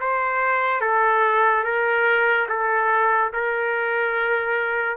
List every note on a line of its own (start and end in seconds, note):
0.00 0.81 C5
0.81 1.64 A4
1.64 2.47 A#4
2.49 3.32 A4
3.33 4.97 A#4